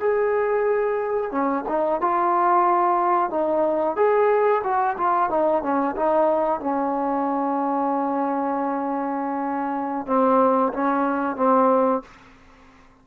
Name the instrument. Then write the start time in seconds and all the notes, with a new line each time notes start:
trombone
0.00 G#4
1.31 C#4
1.68 D#4
2.01 F4
3.30 D#4
3.97 G#4
4.64 F#4
4.98 F4
5.30 D#4
5.63 C#4
5.96 D#4
6.61 C#4
10.07 C4
10.73 C#4
11.36 C4